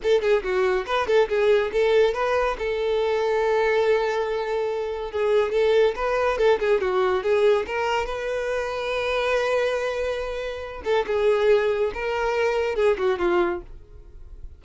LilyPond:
\new Staff \with { instrumentName = "violin" } { \time 4/4 \tempo 4 = 141 a'8 gis'8 fis'4 b'8 a'8 gis'4 | a'4 b'4 a'2~ | a'1 | gis'4 a'4 b'4 a'8 gis'8 |
fis'4 gis'4 ais'4 b'4~ | b'1~ | b'4. a'8 gis'2 | ais'2 gis'8 fis'8 f'4 | }